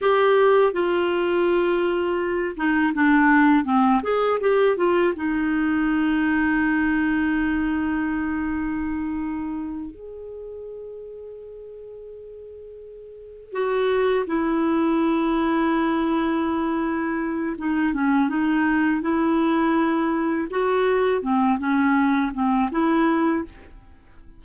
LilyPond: \new Staff \with { instrumentName = "clarinet" } { \time 4/4 \tempo 4 = 82 g'4 f'2~ f'8 dis'8 | d'4 c'8 gis'8 g'8 f'8 dis'4~ | dis'1~ | dis'4. gis'2~ gis'8~ |
gis'2~ gis'8 fis'4 e'8~ | e'1 | dis'8 cis'8 dis'4 e'2 | fis'4 c'8 cis'4 c'8 e'4 | }